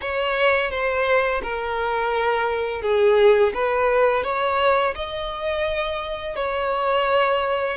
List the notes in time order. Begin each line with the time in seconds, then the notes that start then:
0.01 C#5
0.71 C5
1.42 A#4
2.82 G#4
3.54 B4
4.23 C#5
4.95 D#5
6.36 C#5